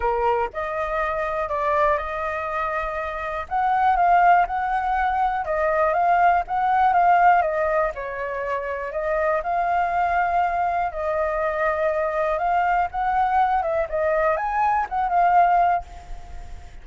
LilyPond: \new Staff \with { instrumentName = "flute" } { \time 4/4 \tempo 4 = 121 ais'4 dis''2 d''4 | dis''2. fis''4 | f''4 fis''2 dis''4 | f''4 fis''4 f''4 dis''4 |
cis''2 dis''4 f''4~ | f''2 dis''2~ | dis''4 f''4 fis''4. e''8 | dis''4 gis''4 fis''8 f''4. | }